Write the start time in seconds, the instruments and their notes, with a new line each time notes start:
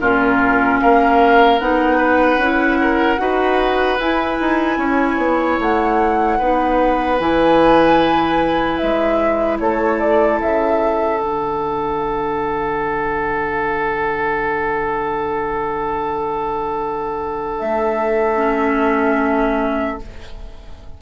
0.00 bassoon A#2, clarinet C#4, oboe F4, flute A#4
0.80 bassoon A#3, oboe A#4, flute F5
1.60 bassoon B3, clarinet D#4, flute F#5
1.98 oboe B4
2.37 bassoon C#4, clarinet E4
2.81 oboe A#4
3.18 bassoon D#4, clarinet F#4, oboe B4
3.99 bassoon E4, clarinet E4, flute G#5
4.40 bassoon D#4
4.78 bassoon C#4, oboe C#5
5.18 bassoon B3
5.60 bassoon A3, flute F#5
6.38 bassoon B3, clarinet D#4, oboe B4
7.19 bassoon E3, clarinet E4, flute G#5
8.78 bassoon G#3, flute E5
9.60 bassoon A3, oboe A4, flute C#5
9.99 flute D5
10.41 bassoon C#3, flute E5
11.20 bassoon D3, clarinet D4, flute F#5
17.59 bassoon A3, flute E5
18.37 clarinet C#4